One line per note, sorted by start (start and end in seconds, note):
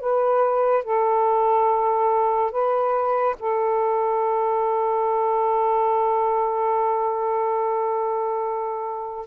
0.00 0.84 B4
0.84 2.51 A4
2.51 3.36 B4
3.39 9.27 A4